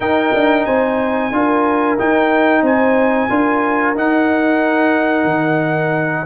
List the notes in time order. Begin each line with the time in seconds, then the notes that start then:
0.00 D#4 A#4 G5
0.33 D4
0.65 C4 C5 G#5
1.31 D4 F4 A#4
1.98 D#4 G5
2.61 C4 C5 G#5
3.29 D4 F4 A#4
3.95 D#4 F#5
5.24 D#3